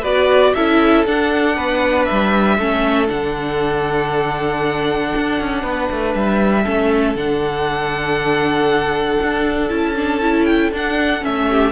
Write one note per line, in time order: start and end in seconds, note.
0.00 0.54 B3
0.00 0.55 F#4
0.00 0.51 B4
0.00 0.53 D5
0.53 1.06 C#4
0.53 1.06 E4
0.53 1.55 A4
0.53 1.04 E5
1.06 2.59 D4
1.06 1.57 D4
1.06 2.05 F#5
1.55 2.08 B3
1.55 2.57 B4
2.05 3.06 E5
2.11 2.58 G3
2.58 3.09 A3
2.58 3.07 C#4
2.58 5.62 A4
3.07 5.13 D3
3.07 6.63 D4
3.07 6.14 F#5
5.16 5.40 D4
5.40 5.63 C#4
5.62 5.89 B3
5.62 6.63 B4
5.91 6.15 A3
6.15 6.65 G3
6.15 7.16 E5
6.63 7.15 A3
6.63 7.16 C#4
6.63 11.46 A4
7.15 9.18 D3
7.15 9.69 D4
7.15 9.69 F#5
9.22 9.70 D4
9.69 10.71 C#4
9.69 9.94 E4
9.69 10.45 A5
9.96 10.21 D4
10.21 10.72 E4
10.45 10.70 G5
10.71 11.22 D4
10.71 11.21 D4
10.71 11.24 F#5
11.21 11.72 A3
11.21 11.72 C#4
11.21 11.72 E5
11.50 11.72 G4